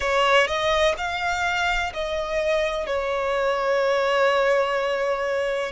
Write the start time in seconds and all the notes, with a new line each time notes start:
0.00 C#5
0.47 D#5
0.97 F5
1.93 D#5
2.86 C#5